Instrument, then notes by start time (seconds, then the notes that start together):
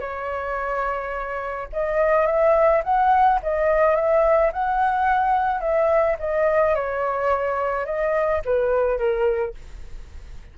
flute
0.00 C#5
1.73 D#5
2.26 E5
2.84 F#5
3.43 D#5
3.95 E5
4.52 F#5
5.61 E5
6.19 D#5
6.75 C#5
7.86 D#5
8.45 B4
8.98 A#4